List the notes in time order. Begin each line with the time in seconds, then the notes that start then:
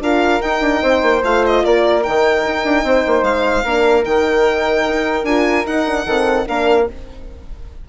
0.00 D4 F4 A#4 F5
0.40 D#4 G5
0.61 D4
0.82 C4 C5
1.03 A#3
1.23 A3 F4 F5
1.46 D#5
1.64 A#3 A#4 D5
2.03 D#3 D#4 G5
2.46 D#4
2.65 D4
2.84 C4 C5
3.07 A#3
3.23 G#3 F5
3.65 A#3 D4 A#4
4.03 D#3 D#4 G5
4.87 D#4
5.24 D4 F4 G#5
5.65 D#4 F#5
5.86 D4
6.06 D#3 C4 A4
6.47 A#3 D4 A#4 F5